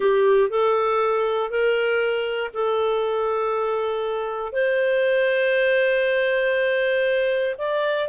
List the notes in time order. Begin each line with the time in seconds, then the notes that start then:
0.00 G4
0.49 A4
1.50 A#4
2.53 A4
4.52 C5
7.57 D5